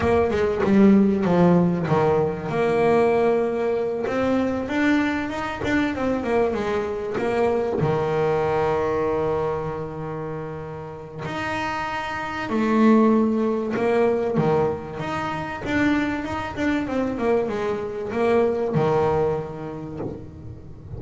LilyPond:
\new Staff \with { instrumentName = "double bass" } { \time 4/4 \tempo 4 = 96 ais8 gis8 g4 f4 dis4 | ais2~ ais8 c'4 d'8~ | d'8 dis'8 d'8 c'8 ais8 gis4 ais8~ | ais8 dis2.~ dis8~ |
dis2 dis'2 | a2 ais4 dis4 | dis'4 d'4 dis'8 d'8 c'8 ais8 | gis4 ais4 dis2 | }